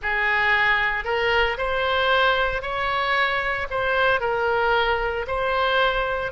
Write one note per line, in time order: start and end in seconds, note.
0.02 1.04 G#4
1.04 1.57 A#4
1.57 2.61 C5
2.61 3.67 C#5
3.70 4.20 C5
4.20 5.25 A#4
5.27 6.32 C5